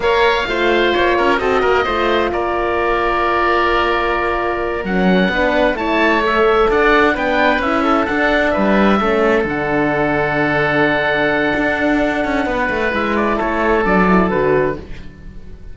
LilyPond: <<
  \new Staff \with { instrumentName = "oboe" } { \time 4/4 \tempo 4 = 130 f''2 cis''4 dis''4~ | dis''4 d''2.~ | d''2~ d''8 fis''4.~ | fis''8 a''4 e''4 fis''4 g''8~ |
g''8 e''4 fis''4 e''4.~ | e''8 fis''2.~ fis''8~ | fis''1 | e''8 d''8 cis''4 d''4 b'4 | }
  \new Staff \with { instrumentName = "oboe" } { \time 4/4 cis''4 c''4. ais'8 a'8 ais'8 | c''4 ais'2.~ | ais'2.~ ais'8 b'8~ | b'8 cis''2 d''4 b'8~ |
b'4 a'4. b'4 a'8~ | a'1~ | a'2. b'4~ | b'4 a'2. | }
  \new Staff \with { instrumentName = "horn" } { \time 4/4 ais'4 f'2 fis'4 | f'1~ | f'2~ f'8 cis'4 d'8~ | d'8 e'4 a'2 d'8~ |
d'8 e'4 d'2 cis'8~ | cis'8 d'2.~ d'8~ | d'1 | e'2 d'8 e'8 fis'4 | }
  \new Staff \with { instrumentName = "cello" } { \time 4/4 ais4 a4 ais8 cis'8 c'8 ais8 | a4 ais2.~ | ais2~ ais8 fis4 b8~ | b8 a2 d'4 b8~ |
b8 cis'4 d'4 g4 a8~ | a8 d2.~ d8~ | d4 d'4. cis'8 b8 a8 | gis4 a4 fis4 d4 | }
>>